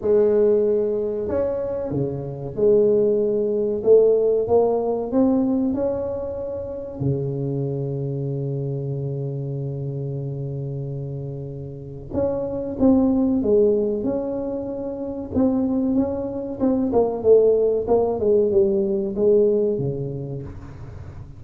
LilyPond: \new Staff \with { instrumentName = "tuba" } { \time 4/4 \tempo 4 = 94 gis2 cis'4 cis4 | gis2 a4 ais4 | c'4 cis'2 cis4~ | cis1~ |
cis2. cis'4 | c'4 gis4 cis'2 | c'4 cis'4 c'8 ais8 a4 | ais8 gis8 g4 gis4 cis4 | }